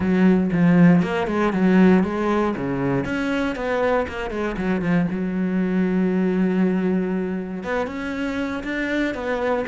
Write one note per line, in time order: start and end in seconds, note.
0.00 0.50 F#3
0.52 1.02 F3
1.02 1.27 A#3
1.27 1.52 G#3
1.52 2.03 F#3
2.03 2.54 G#3
2.56 3.05 C#3
3.05 3.55 C#4
3.55 4.06 B3
4.07 4.30 A#3
4.30 4.55 G#3
4.57 4.81 F#3
4.81 5.06 F3
5.11 7.63 F#3
7.63 7.87 B3
7.87 8.63 C#4
8.63 9.14 D4
9.14 9.65 B3